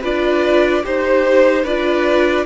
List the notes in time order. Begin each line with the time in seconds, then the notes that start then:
0.00 D4 F4 B4 D5
0.82 D#4 G4 C5
1.63 D4 F4 B4 D5